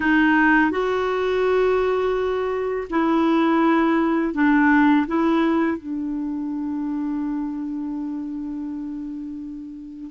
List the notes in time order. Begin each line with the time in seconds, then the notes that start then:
0.00 D#4
0.70 F#4
2.90 E4
4.34 D4
5.07 E4
5.77 D4